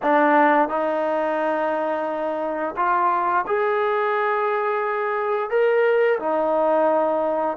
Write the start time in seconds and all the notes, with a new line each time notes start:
0.02 D4
0.68 D#4
2.76 F4
3.46 G#4
5.50 A#4
6.19 D#4